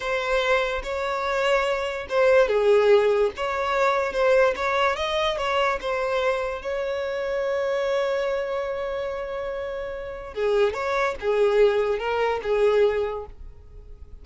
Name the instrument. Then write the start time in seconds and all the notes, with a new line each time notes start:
violin
0.00 C5
0.83 C#5
2.09 C5
2.48 G#4
3.36 C#5
4.12 C5
4.55 C#5
4.96 D#5
5.37 C#5
5.80 C5
6.62 C#5
10.34 G#4
10.73 C#5
11.20 G#4
11.98 A#4
12.43 G#4